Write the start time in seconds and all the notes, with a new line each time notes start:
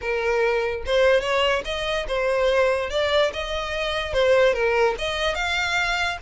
0.01 A#4
0.86 C5
1.21 C#5
1.65 D#5
2.07 C5
2.90 D5
3.33 D#5
4.13 C5
4.53 A#4
4.98 D#5
5.35 F5